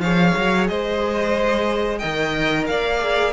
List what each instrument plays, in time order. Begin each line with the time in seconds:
0.00 cello F3, viola G#4, violin C#5 F5
0.38 cello F#3
0.68 cello G#3, violin C5 D#5
1.99 cello D#3, viola A#4, violin D#5 G5
2.67 cello A#3, violin D5 F5
3.01 viola G#4